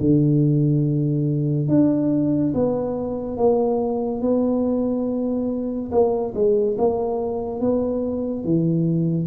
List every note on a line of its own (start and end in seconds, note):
0.00 1.68 D3
1.68 2.53 D4
2.54 3.37 B3
3.37 4.21 A#3
4.21 5.90 B3
5.91 6.33 A#3
6.35 6.77 G#3
6.78 7.60 A#3
7.60 8.44 B3
8.44 9.27 E3